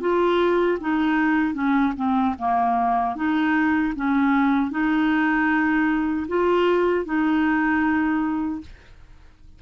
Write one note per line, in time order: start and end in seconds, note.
0.00 0.78 F4
0.80 1.54 D#4
1.54 1.93 C#4
1.96 2.35 C4
2.38 3.16 A#3
3.16 3.94 D#4
3.96 4.70 C#4
4.70 6.26 D#4
6.28 7.05 F4
7.05 8.61 D#4